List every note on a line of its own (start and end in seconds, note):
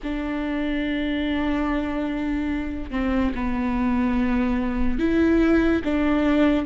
0.03 2.90 D4
2.90 3.32 C4
3.34 4.98 B3
4.98 5.81 E4
5.84 6.65 D4